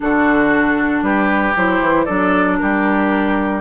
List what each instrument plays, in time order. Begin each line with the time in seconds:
0.00 bassoon D3, clarinet D4, oboe F#4, flute A4
1.01 bassoon G3, oboe G4, flute B4
1.56 bassoon F#3, clarinet E4, flute C5
1.80 bassoon E3
2.04 bassoon F#3, clarinet D4, oboe A4, flute D5
2.57 bassoon G3, oboe G4, flute A#4